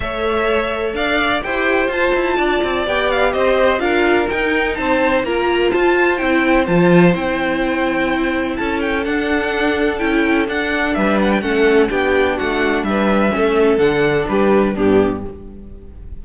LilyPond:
<<
  \new Staff \with { instrumentName = "violin" } { \time 4/4 \tempo 4 = 126 e''2 f''4 g''4 | a''2 g''8 f''8 dis''4 | f''4 g''4 a''4 ais''4 | a''4 g''4 a''4 g''4~ |
g''2 a''8 g''8 fis''4~ | fis''4 g''4 fis''4 e''8 fis''16 g''16 | fis''4 g''4 fis''4 e''4~ | e''4 fis''4 b'4 g'4 | }
  \new Staff \with { instrumentName = "violin" } { \time 4/4 cis''2 d''4 c''4~ | c''4 d''2 c''4 | ais'2 c''4 ais'4 | c''1~ |
c''2 a'2~ | a'2. b'4 | a'4 g'4 fis'4 b'4 | a'2 g'4 d'4 | }
  \new Staff \with { instrumentName = "viola" } { \time 4/4 a'2. g'4 | f'2 g'2 | f'4 dis'2 f'4~ | f'4 e'4 f'4 e'4~ |
e'2. d'4~ | d'4 e'4 d'2 | cis'4 d'2. | cis'4 d'2 b4 | }
  \new Staff \with { instrumentName = "cello" } { \time 4/4 a2 d'4 e'4 | f'8 e'8 d'8 c'8 b4 c'4 | d'4 dis'4 c'4 ais4 | f'4 c'4 f4 c'4~ |
c'2 cis'4 d'4~ | d'4 cis'4 d'4 g4 | a4 b4 a4 g4 | a4 d4 g4 g,4 | }
>>